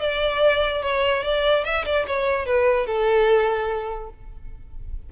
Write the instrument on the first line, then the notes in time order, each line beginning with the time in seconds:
violin
0.00 D5
0.83 C#5
1.23 D5
1.65 E5
1.85 D5
2.07 C#5
2.46 B4
2.86 A4